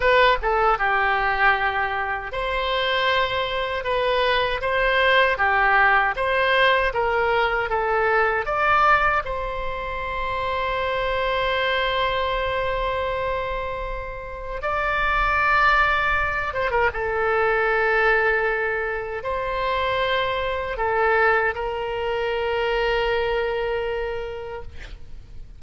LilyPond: \new Staff \with { instrumentName = "oboe" } { \time 4/4 \tempo 4 = 78 b'8 a'8 g'2 c''4~ | c''4 b'4 c''4 g'4 | c''4 ais'4 a'4 d''4 | c''1~ |
c''2. d''4~ | d''4. c''16 ais'16 a'2~ | a'4 c''2 a'4 | ais'1 | }